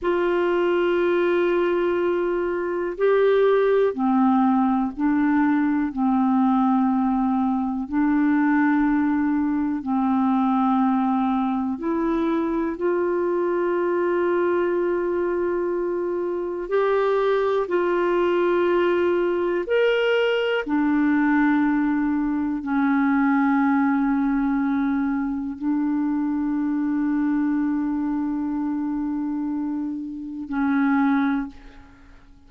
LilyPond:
\new Staff \with { instrumentName = "clarinet" } { \time 4/4 \tempo 4 = 61 f'2. g'4 | c'4 d'4 c'2 | d'2 c'2 | e'4 f'2.~ |
f'4 g'4 f'2 | ais'4 d'2 cis'4~ | cis'2 d'2~ | d'2. cis'4 | }